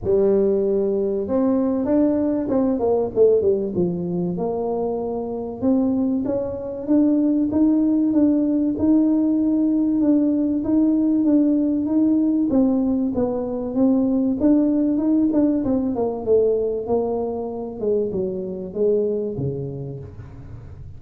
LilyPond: \new Staff \with { instrumentName = "tuba" } { \time 4/4 \tempo 4 = 96 g2 c'4 d'4 | c'8 ais8 a8 g8 f4 ais4~ | ais4 c'4 cis'4 d'4 | dis'4 d'4 dis'2 |
d'4 dis'4 d'4 dis'4 | c'4 b4 c'4 d'4 | dis'8 d'8 c'8 ais8 a4 ais4~ | ais8 gis8 fis4 gis4 cis4 | }